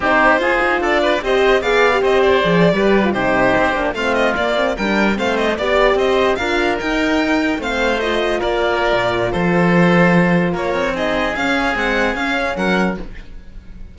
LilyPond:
<<
  \new Staff \with { instrumentName = "violin" } { \time 4/4 \tempo 4 = 148 c''2 d''4 dis''4 | f''4 dis''8 d''2~ d''16 c''16~ | c''4.~ c''16 f''8 dis''8 d''4 g''16~ | g''8. f''8 dis''8 d''4 dis''4 f''16~ |
f''8. g''2 f''4 dis''16~ | dis''8. d''2~ d''16 c''4~ | c''2 cis''4 dis''4 | f''4 fis''4 f''4 fis''4 | }
  \new Staff \with { instrumentName = "oboe" } { \time 4/4 g'4 gis'4 a'8 b'8 c''4 | d''4 c''4.~ c''16 b'4 g'16~ | g'4.~ g'16 f'2 ais'16~ | ais'8. c''4 d''4 c''4 ais'16~ |
ais'2~ ais'8. c''4~ c''16~ | c''8. ais'2~ ais'16 a'4~ | a'2 ais'4 gis'4~ | gis'2. ais'4 | }
  \new Staff \with { instrumentName = "horn" } { \time 4/4 dis'4 f'2 g'4 | gis'8. g'4~ g'16 gis'8. g'8. f'16 dis'16~ | dis'4~ dis'16 d'8 c'4 ais8 c'8 d'16~ | d'8. c'4 g'2 f'16~ |
f'8. dis'2 c'4 f'16~ | f'1~ | f'2. dis'4 | cis'4 gis4 cis'2 | }
  \new Staff \with { instrumentName = "cello" } { \time 4/4 c'4 f'8 dis'8 d'4 c'4 | b4 c'4 f8. g4 c16~ | c8. c'8 ais8 a4 ais4 g16~ | g8. a4 b4 c'4 d'16~ |
d'8. dis'2 a4~ a16~ | a8. ais4~ ais16 ais,4 f4~ | f2 ais8 c'4. | cis'4 c'4 cis'4 fis4 | }
>>